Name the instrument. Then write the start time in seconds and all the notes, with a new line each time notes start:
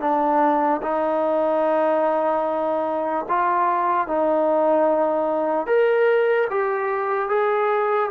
trombone
0.00 D4
0.82 D#4
3.28 F4
4.07 D#4
5.66 A#4
6.50 G4
7.29 G#4